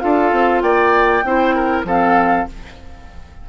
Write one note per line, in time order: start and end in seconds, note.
0.00 0.32 D4
0.00 1.23 F4
0.00 0.63 A4
0.00 0.61 F5
0.32 0.62 C4
0.62 1.23 A#3
0.62 1.24 D5
0.62 1.84 G5
1.24 1.84 C4
1.24 1.86 E4
1.24 1.55 C5
1.55 1.86 A#4
1.84 2.45 F3
1.84 2.47 C4
1.84 2.48 A4
1.84 2.49 F5